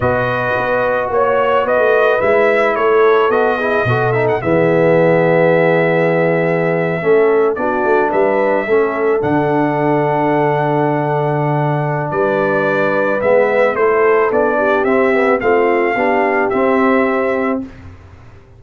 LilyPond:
<<
  \new Staff \with { instrumentName = "trumpet" } { \time 4/4 \tempo 4 = 109 dis''2 cis''4 dis''4 | e''4 cis''4 dis''4. e''16 fis''16 | e''1~ | e''4.~ e''16 d''4 e''4~ e''16~ |
e''8. fis''2.~ fis''16~ | fis''2 d''2 | e''4 c''4 d''4 e''4 | f''2 e''2 | }
  \new Staff \with { instrumentName = "horn" } { \time 4/4 b'2 cis''4 b'4~ | b'4 a'4. gis'8 a'4 | gis'1~ | gis'8. a'4 fis'4 b'4 a'16~ |
a'1~ | a'2 b'2~ | b'4 a'4. g'4. | f'4 g'2. | }
  \new Staff \with { instrumentName = "trombone" } { \time 4/4 fis'1 | e'2 fis'8 e'8 fis'8 dis'8 | b1~ | b8. cis'4 d'2 cis'16~ |
cis'8. d'2.~ d'16~ | d'1 | b4 e'4 d'4 c'8 b8 | c'4 d'4 c'2 | }
  \new Staff \with { instrumentName = "tuba" } { \time 4/4 b,4 b4 ais4 b16 a8. | gis4 a4 b4 b,4 | e1~ | e8. a4 b8 a8 g4 a16~ |
a8. d2.~ d16~ | d2 g2 | gis4 a4 b4 c'4 | a4 b4 c'2 | }
>>